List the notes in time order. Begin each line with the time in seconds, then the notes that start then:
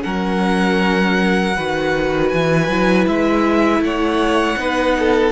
0.00 F#3 C#4 A#4 F#5
1.56 D#3 F#4 B4
2.29 E3 G#5
2.68 F#3 E4
3.07 G#3 E5
3.79 A3 C#5 F#5
4.57 B3 D#4 B4
4.99 A4